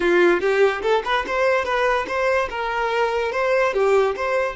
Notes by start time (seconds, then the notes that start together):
0.00 F4
0.40 G4
0.82 A4
1.04 B4
1.26 C5
1.64 B4
2.07 C5
2.49 A#4
3.32 C5
3.73 G4
4.16 C5